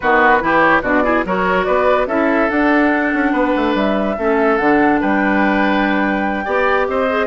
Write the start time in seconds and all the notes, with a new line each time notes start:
0.00 D#3 B3 F#4 B4
0.40 E3 E4 G4
0.59 C#5
0.82 B2 D4 F#4 D5
1.03 E4 G#4
1.25 F#3 F#4 A#4 C#5
1.64 B3 B4 D5
2.06 C#4 E4 A4 E5
2.49 D4 F#5
3.13 C#4
3.32 B3 B4
3.55 A3
3.74 G3 E5
4.18 A3 C#4 A4
4.57 D3 D4 F#5
5.01 G3 B4 G5
6.45 B3 G4 D5
6.87 C4 C5 D#5
7.09 G#4